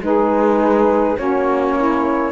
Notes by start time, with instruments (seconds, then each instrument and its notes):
0.00 cello G#3, saxophone D#4 G#4, flute B4
1.17 cello A#3, saxophone C#4 F#4, flute C#5
1.76 saxophone E4